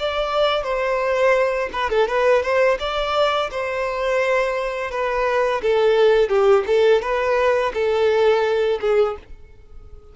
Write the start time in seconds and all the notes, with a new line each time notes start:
0.00 D5
0.64 C5
1.73 B4
1.91 A4
2.08 B4
2.43 C5
2.80 D5
3.52 C5
4.91 B4
5.62 A4
6.30 G4
6.67 A4
7.02 B4
7.74 A4
8.81 G#4